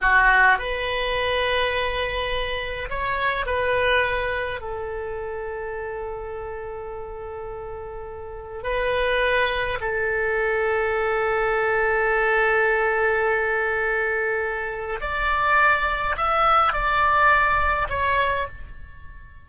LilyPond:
\new Staff \with { instrumentName = "oboe" } { \time 4/4 \tempo 4 = 104 fis'4 b'2.~ | b'4 cis''4 b'2 | a'1~ | a'2. b'4~ |
b'4 a'2.~ | a'1~ | a'2 d''2 | e''4 d''2 cis''4 | }